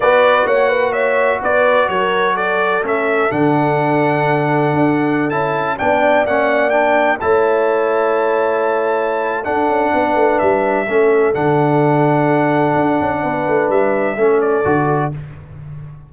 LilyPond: <<
  \new Staff \with { instrumentName = "trumpet" } { \time 4/4 \tempo 4 = 127 d''4 fis''4 e''4 d''4 | cis''4 d''4 e''4 fis''4~ | fis''2.~ fis''16 a''8.~ | a''16 g''4 fis''4 g''4 a''8.~ |
a''1 | fis''2 e''2 | fis''1~ | fis''4 e''4. d''4. | }
  \new Staff \with { instrumentName = "horn" } { \time 4/4 b'4 cis''8 b'8 cis''4 b'4 | ais'4 a'2.~ | a'1~ | a'16 d''2. cis''8.~ |
cis''1 | a'4 b'2 a'4~ | a'1 | b'2 a'2 | }
  \new Staff \with { instrumentName = "trombone" } { \time 4/4 fis'1~ | fis'2 cis'4 d'4~ | d'2.~ d'16 e'8.~ | e'16 d'4 cis'4 d'4 e'8.~ |
e'1 | d'2. cis'4 | d'1~ | d'2 cis'4 fis'4 | }
  \new Staff \with { instrumentName = "tuba" } { \time 4/4 b4 ais2 b4 | fis2 a4 d4~ | d2 d'4~ d'16 cis'8.~ | cis'16 b4 ais2 a8.~ |
a1 | d'8 cis'8 b8 a8 g4 a4 | d2. d'8 cis'8 | b8 a8 g4 a4 d4 | }
>>